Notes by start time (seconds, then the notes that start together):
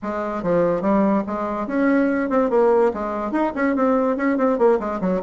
0.02 G#3
0.42 F3
0.81 G3
1.26 G#3
1.67 C#4
2.29 C4
2.50 A#3
2.93 G#3
3.31 D#4
3.55 C#4
3.75 C4
4.16 C#4
4.37 C4
4.58 A#3
4.79 G#3
5.00 F#3